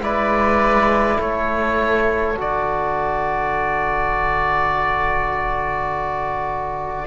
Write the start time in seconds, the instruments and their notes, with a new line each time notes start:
0.00 cello G#3, trombone E4, violin B4, oboe D5
1.16 cello A3, violin A4, oboe C#5
2.36 cello D3, trombone F#4, oboe D5